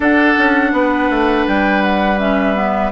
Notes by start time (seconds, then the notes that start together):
0.00 D4 A4 F#5
0.38 C#4
0.72 B3 B4
1.10 A3
1.47 G3 G5
1.81 F#5
2.18 C#4 E5
2.54 B3